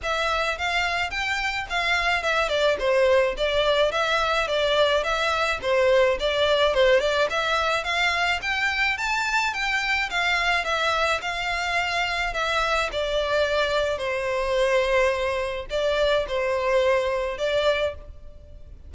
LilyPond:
\new Staff \with { instrumentName = "violin" } { \time 4/4 \tempo 4 = 107 e''4 f''4 g''4 f''4 | e''8 d''8 c''4 d''4 e''4 | d''4 e''4 c''4 d''4 | c''8 d''8 e''4 f''4 g''4 |
a''4 g''4 f''4 e''4 | f''2 e''4 d''4~ | d''4 c''2. | d''4 c''2 d''4 | }